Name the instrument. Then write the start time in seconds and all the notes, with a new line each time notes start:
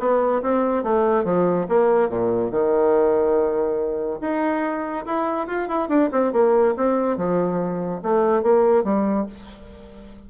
bassoon
0.00 B3
0.43 C4
0.84 A3
1.24 F3
1.69 A#3
2.10 A#2
2.51 D#3
4.21 D#4
5.06 E4
5.47 F4
5.69 E4
5.89 D4
6.12 C4
6.33 A#3
6.77 C4
7.17 F3
8.03 A3
8.43 A#3
8.84 G3